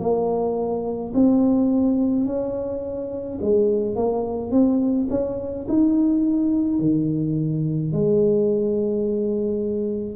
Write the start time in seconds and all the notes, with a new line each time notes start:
0.00 A#3
1.14 C4
2.26 C#4
3.42 G#3
3.96 A#3
4.51 C4
5.10 C#4
5.69 D#4
6.80 D#3
7.93 G#3